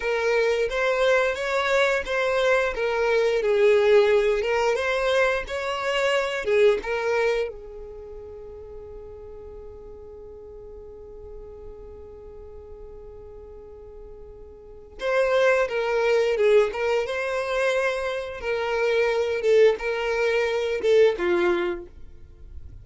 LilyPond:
\new Staff \with { instrumentName = "violin" } { \time 4/4 \tempo 4 = 88 ais'4 c''4 cis''4 c''4 | ais'4 gis'4. ais'8 c''4 | cis''4. gis'8 ais'4 gis'4~ | gis'1~ |
gis'1~ | gis'2 c''4 ais'4 | gis'8 ais'8 c''2 ais'4~ | ais'8 a'8 ais'4. a'8 f'4 | }